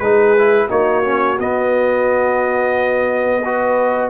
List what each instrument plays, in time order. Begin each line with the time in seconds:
0.00 tuba G#3, trombone D#4, horn G#4, trumpet B4
0.38 trombone E4
0.69 tuba A#3, trombone D#4, horn F#4, trumpet C#5
1.04 trombone C#4
1.39 trombone B3, tuba B3, trumpet D#5
3.44 trombone F#4, horn B4